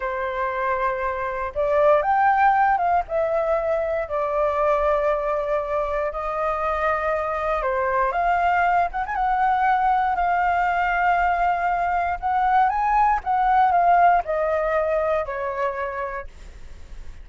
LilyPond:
\new Staff \with { instrumentName = "flute" } { \time 4/4 \tempo 4 = 118 c''2. d''4 | g''4. f''8 e''2 | d''1 | dis''2. c''4 |
f''4. fis''16 gis''16 fis''2 | f''1 | fis''4 gis''4 fis''4 f''4 | dis''2 cis''2 | }